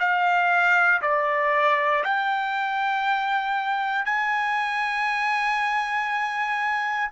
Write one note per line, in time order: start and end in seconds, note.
0.00 1.02 F5
1.02 2.04 D5
2.04 4.06 G5
4.06 7.11 G#5